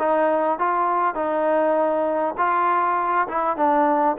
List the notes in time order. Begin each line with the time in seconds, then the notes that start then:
0.00 D#4
0.59 F4
1.15 D#4
2.38 F4
3.28 E4
3.57 D4